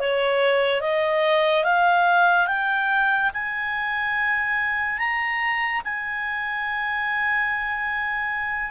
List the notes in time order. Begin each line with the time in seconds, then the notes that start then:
0.00 C#5
0.81 D#5
1.64 F5
2.47 G5
3.34 G#5
4.98 A#5
5.84 G#5